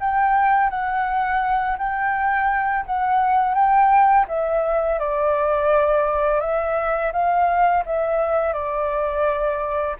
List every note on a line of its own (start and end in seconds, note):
0.00 0.70 G5
0.70 1.77 F#5
1.78 2.85 G5
2.85 3.54 F#5
3.54 4.26 G5
4.28 4.99 E5
4.99 6.41 D5
6.41 7.12 E5
7.12 7.84 F5
7.86 8.53 E5
8.53 9.96 D5